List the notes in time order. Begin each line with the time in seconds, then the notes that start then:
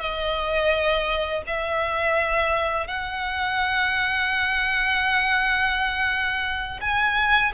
0.00 D#5
1.47 E5
2.87 F#5
6.81 G#5